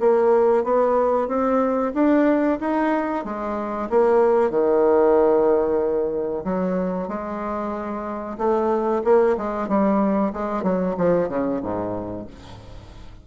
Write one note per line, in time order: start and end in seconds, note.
0.00 0.64 A#3
0.64 1.28 B3
1.28 1.93 C4
1.94 2.59 D4
2.60 3.25 D#4
3.25 3.89 G#3
3.90 4.50 A#3
4.50 6.44 D#3
6.45 7.09 F#3
7.09 8.38 G#3
8.38 9.02 A3
9.04 9.36 A#3
9.38 9.68 G#3
9.68 10.33 G3
10.33 10.63 G#3
10.63 10.95 F#3
10.98 11.29 F3
11.29 11.61 C#3
11.62 12.27 G#2